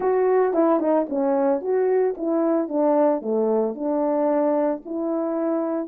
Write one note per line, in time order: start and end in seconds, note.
0.00 0.53 F#4
0.53 0.79 E4
0.79 1.06 D#4
1.09 1.61 C#4
1.61 2.14 F#4
2.17 2.68 E4
2.68 3.21 D4
3.21 3.74 A3
3.74 4.81 D4
4.85 5.88 E4